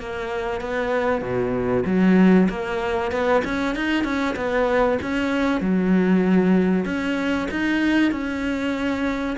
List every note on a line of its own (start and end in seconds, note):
0.00 0.61 A#3
0.61 1.22 B3
1.22 1.84 B2
1.86 2.49 F#3
2.49 3.12 A#3
3.12 3.43 B3
3.45 3.76 C#4
3.76 4.04 D#4
4.04 4.36 C#4
4.36 4.99 B3
5.02 5.61 C#4
5.61 6.86 F#3
6.86 7.48 C#4
7.51 8.12 D#4
8.12 9.37 C#4